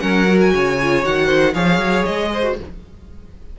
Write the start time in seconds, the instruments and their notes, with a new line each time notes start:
0.00 cello F#3, viola C#4, violin A#4 F#5
0.27 viola F#4
0.41 violin G#5
0.54 cello C#3, violin C#5
0.83 viola F4
1.03 cello D#3, viola F#4, violin F#5
1.27 violin C5
1.54 cello F3, viola G#4, violin C#5 F5
1.78 cello F#3
2.06 cello G#3, violin D#5
2.33 violin C5
2.43 viola F#4